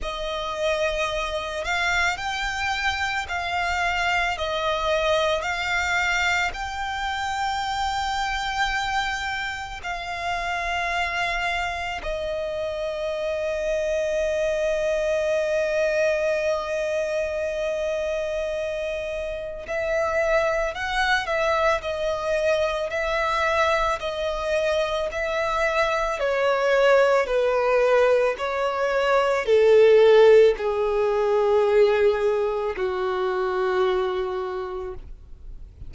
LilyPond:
\new Staff \with { instrumentName = "violin" } { \time 4/4 \tempo 4 = 55 dis''4. f''8 g''4 f''4 | dis''4 f''4 g''2~ | g''4 f''2 dis''4~ | dis''1~ |
dis''2 e''4 fis''8 e''8 | dis''4 e''4 dis''4 e''4 | cis''4 b'4 cis''4 a'4 | gis'2 fis'2 | }